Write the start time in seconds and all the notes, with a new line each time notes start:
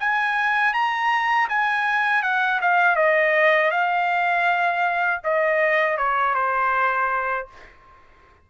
0.00 G#5
0.74 A#5
1.49 G#5
2.23 F#5
2.61 F5
2.96 D#5
3.71 F5
5.24 D#5
5.98 C#5
6.35 C5